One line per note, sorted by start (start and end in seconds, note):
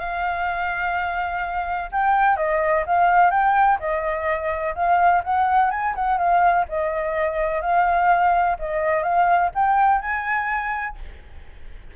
0.00 1.90 F5
1.92 2.37 G5
2.37 2.84 D#5
2.86 3.31 F5
3.31 3.78 G5
3.79 4.75 D#5
4.75 5.23 F5
5.24 5.71 F#5
5.71 5.94 G#5
5.95 6.18 F#5
6.18 6.65 F5
6.69 7.62 D#5
7.62 8.57 F5
8.59 9.03 D#5
9.03 9.51 F5
9.55 10.01 G5
10.01 10.96 G#5